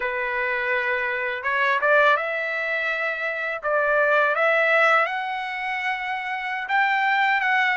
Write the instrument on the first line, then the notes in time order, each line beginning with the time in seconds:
trumpet
0.00 B4
1.43 C#5
1.81 D5
2.17 E5
3.62 D5
4.35 E5
5.05 F#5
6.68 G5
7.41 F#5